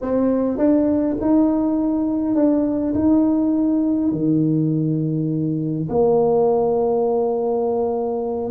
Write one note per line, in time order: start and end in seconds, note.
0.01 0.57 C4
0.57 1.16 D4
1.21 2.35 D#4
2.35 2.94 D4
2.94 4.11 D#4
4.11 5.88 D#3
5.89 8.51 A#3